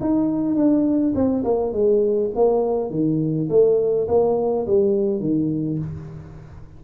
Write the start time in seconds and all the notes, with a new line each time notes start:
0.00 D#4
0.55 D4
1.15 C4
1.44 A#3
1.72 G#3
2.35 A#3
2.90 D#3
3.49 A3
4.08 A#3
4.66 G3
5.20 D#3